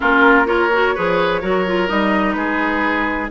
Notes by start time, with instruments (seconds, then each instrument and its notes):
0.00 bassoon A#3, clarinet C#4, oboe F4, flute A#4
0.45 clarinet F4, oboe A#4, flute C#5
0.72 clarinet F#4
0.94 bassoon F3, clarinet G#4, oboe B4
1.41 bassoon F#3, clarinet F#4, oboe A#4
1.66 clarinet F4
1.87 bassoon G3, clarinet D#4, flute D#5
2.32 bassoon G#3, oboe G#4, flute B4